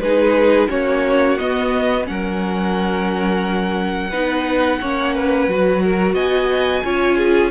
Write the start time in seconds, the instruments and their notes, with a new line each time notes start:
0.00 cello G#3, viola D#4, violin G#4 B4
0.70 cello A#3, viola C#4, violin F#4 C#5
1.38 viola B3, cello B3, violin D#5
2.06 cello F#3, viola C#4, violin A#4 F#5
4.11 cello B3, viola D#4, violin B4
4.81 cello A#3, viola C#4, violin C#5
5.15 violin B4
5.48 cello F#3, viola F#4
5.84 violin A#4
6.14 cello B3, violin D#5 G#5
6.85 cello C#4, viola F4, violin C#5
7.18 violin G#4